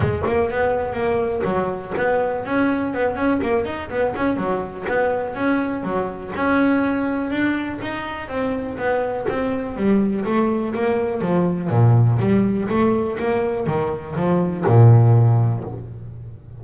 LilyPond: \new Staff \with { instrumentName = "double bass" } { \time 4/4 \tempo 4 = 123 gis8 ais8 b4 ais4 fis4 | b4 cis'4 b8 cis'8 ais8 dis'8 | b8 cis'8 fis4 b4 cis'4 | fis4 cis'2 d'4 |
dis'4 c'4 b4 c'4 | g4 a4 ais4 f4 | ais,4 g4 a4 ais4 | dis4 f4 ais,2 | }